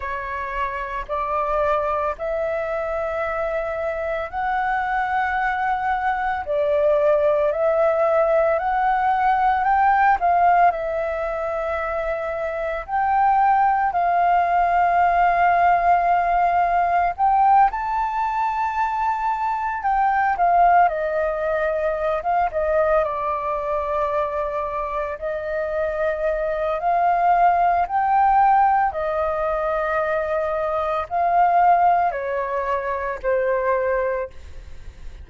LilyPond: \new Staff \with { instrumentName = "flute" } { \time 4/4 \tempo 4 = 56 cis''4 d''4 e''2 | fis''2 d''4 e''4 | fis''4 g''8 f''8 e''2 | g''4 f''2. |
g''8 a''2 g''8 f''8 dis''8~ | dis''8. f''16 dis''8 d''2 dis''8~ | dis''4 f''4 g''4 dis''4~ | dis''4 f''4 cis''4 c''4 | }